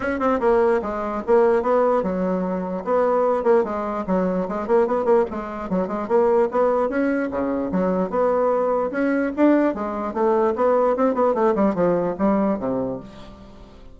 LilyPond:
\new Staff \with { instrumentName = "bassoon" } { \time 4/4 \tempo 4 = 148 cis'8 c'8 ais4 gis4 ais4 | b4 fis2 b4~ | b8 ais8 gis4 fis4 gis8 ais8 | b8 ais8 gis4 fis8 gis8 ais4 |
b4 cis'4 cis4 fis4 | b2 cis'4 d'4 | gis4 a4 b4 c'8 b8 | a8 g8 f4 g4 c4 | }